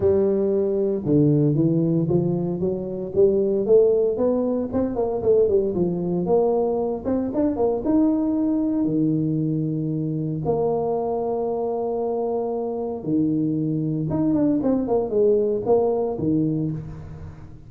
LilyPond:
\new Staff \with { instrumentName = "tuba" } { \time 4/4 \tempo 4 = 115 g2 d4 e4 | f4 fis4 g4 a4 | b4 c'8 ais8 a8 g8 f4 | ais4. c'8 d'8 ais8 dis'4~ |
dis'4 dis2. | ais1~ | ais4 dis2 dis'8 d'8 | c'8 ais8 gis4 ais4 dis4 | }